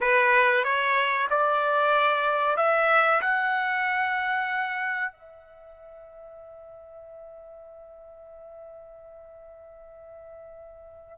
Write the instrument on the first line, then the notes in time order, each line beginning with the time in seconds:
trumpet
0.01 B4
0.64 C#5
1.30 D5
2.56 E5
3.21 F#5
5.12 E5